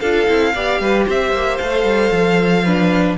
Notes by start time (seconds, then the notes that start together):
0.00 D4 F4 A4 F5
0.27 C4 E4
0.55 B3 G4 D5
0.80 G3 B4
1.06 C4 C5 E5
1.32 A#3
1.57 A3 A4 F5
1.84 G3
2.11 F3
2.64 D4 B4